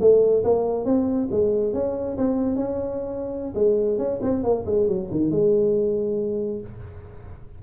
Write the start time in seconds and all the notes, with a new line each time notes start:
0.00 A3
0.44 A#3
0.85 C4
1.31 G#3
1.74 C#4
2.17 C4
2.56 C#4
3.55 G#3
3.98 C#4
4.22 C4
4.43 A#3
4.66 G#3
4.88 F#3
5.11 D#3
5.30 G#3